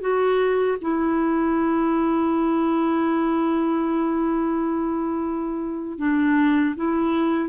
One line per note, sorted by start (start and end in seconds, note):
0.00 0.77 F#4
0.81 5.98 E4
5.98 6.74 D4
6.76 7.49 E4